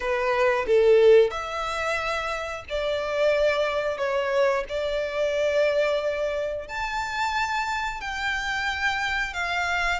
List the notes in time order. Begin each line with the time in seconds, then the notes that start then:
0.00 B4
0.66 A4
1.31 E5
2.68 D5
3.97 C#5
4.68 D5
6.68 A5
8.00 G5
9.33 F5